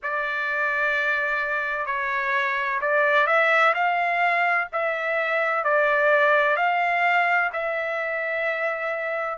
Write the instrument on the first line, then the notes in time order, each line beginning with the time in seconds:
trumpet
0.03 D5
1.86 C#5
2.81 D5
3.26 E5
3.74 F5
4.72 E5
5.64 D5
6.56 F5
7.53 E5